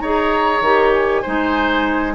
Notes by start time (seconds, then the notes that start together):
0.00 D#4 G#4 C#5 A#5
0.61 D#3 G4
0.95 G#5
1.23 G#3 D#4 C5